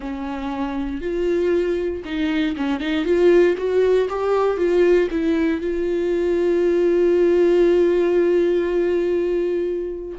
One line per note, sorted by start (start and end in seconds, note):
0.00 1.01 C#4
1.01 2.03 F4
2.04 2.55 D#4
2.56 2.79 C#4
2.79 3.04 D#4
3.04 3.55 F4
3.57 4.08 F#4
4.09 4.57 G4
4.57 5.08 F4
5.10 5.60 E4
5.60 10.18 F4